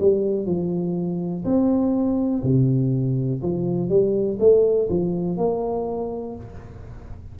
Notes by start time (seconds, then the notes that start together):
0.00 G3
0.46 F3
1.45 C4
2.44 C3
3.42 F3
3.89 G3
4.39 A3
4.90 F3
5.38 A#3